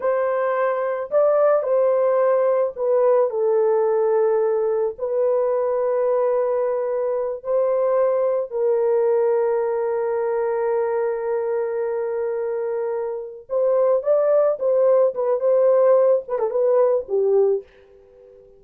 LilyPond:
\new Staff \with { instrumentName = "horn" } { \time 4/4 \tempo 4 = 109 c''2 d''4 c''4~ | c''4 b'4 a'2~ | a'4 b'2.~ | b'4. c''2 ais'8~ |
ais'1~ | ais'1~ | ais'8 c''4 d''4 c''4 b'8 | c''4. b'16 a'16 b'4 g'4 | }